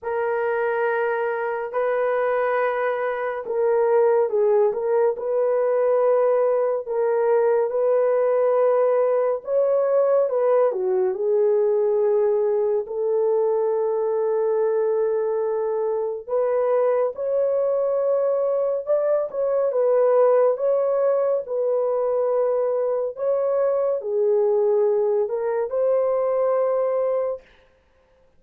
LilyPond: \new Staff \with { instrumentName = "horn" } { \time 4/4 \tempo 4 = 70 ais'2 b'2 | ais'4 gis'8 ais'8 b'2 | ais'4 b'2 cis''4 | b'8 fis'8 gis'2 a'4~ |
a'2. b'4 | cis''2 d''8 cis''8 b'4 | cis''4 b'2 cis''4 | gis'4. ais'8 c''2 | }